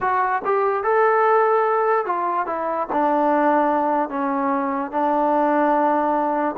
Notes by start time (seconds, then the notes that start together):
0.01 F#4
0.44 G4
0.83 A4
2.05 F4
2.46 E4
2.92 D4
4.09 C#4
4.91 D4